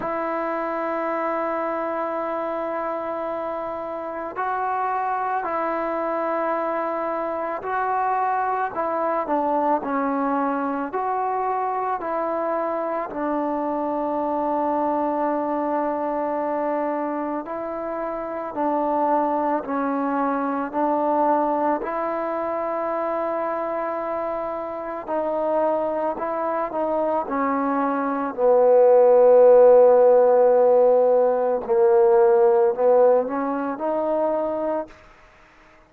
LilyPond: \new Staff \with { instrumentName = "trombone" } { \time 4/4 \tempo 4 = 55 e'1 | fis'4 e'2 fis'4 | e'8 d'8 cis'4 fis'4 e'4 | d'1 |
e'4 d'4 cis'4 d'4 | e'2. dis'4 | e'8 dis'8 cis'4 b2~ | b4 ais4 b8 cis'8 dis'4 | }